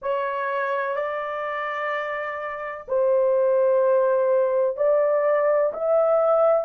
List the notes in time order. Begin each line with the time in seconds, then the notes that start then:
0.02 C#5
0.95 D5
2.88 C5
4.77 D5
5.73 E5